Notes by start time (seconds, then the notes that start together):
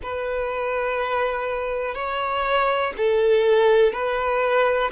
0.02 B4
1.94 C#5
2.97 A4
3.92 B4